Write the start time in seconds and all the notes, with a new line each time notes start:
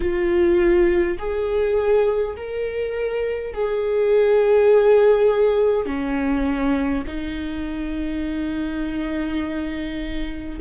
0.00 F4
1.18 G#4
2.36 A#4
3.53 G#4
5.86 C#4
7.06 D#4